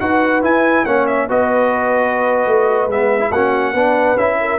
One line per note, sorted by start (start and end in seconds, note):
0.00 0.43 D#4
0.00 0.42 F#4
0.00 0.86 B4
0.00 0.43 F#5
0.42 0.85 E4
0.42 0.86 E4
0.42 0.85 G#5
0.85 1.29 A#3
0.85 1.29 C#4
0.85 1.28 C#5
0.85 1.07 F#5
1.07 1.28 E5
1.28 2.47 B3
1.28 2.90 F#4
1.28 3.31 B4
1.28 2.91 D#5
2.47 2.87 A3
2.87 3.30 G#3
2.87 3.20 B3
2.87 3.32 E5
3.20 3.31 E4
3.31 3.74 A#3
3.31 3.75 C#4
3.31 3.74 F#4
3.31 4.18 F#5
3.74 4.16 B3
3.74 4.17 D4
3.74 4.38 B4
4.16 4.58 C#4
4.16 4.59 E4
4.16 4.59 E5
4.41 4.59 A#4